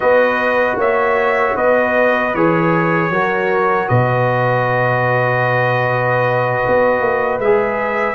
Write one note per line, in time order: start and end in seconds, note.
0.00 0.75 B3
0.00 2.32 F#4
0.00 0.78 B4
0.00 0.78 D#5
0.75 1.53 A#3
0.75 1.55 C#5
0.75 1.56 E5
1.55 2.34 B3
1.55 3.11 B4
1.55 2.34 D#5
2.34 3.09 E3
2.34 3.12 G#4
2.34 3.88 C#5
3.09 3.87 F#3
3.09 7.41 F#4
3.09 3.88 A#4
3.88 6.62 B2
3.88 8.14 B4
3.88 7.39 D#5
6.67 7.00 B3
7.00 7.38 A#3
7.38 8.14 G#3
7.38 8.14 G#4
7.38 8.14 E5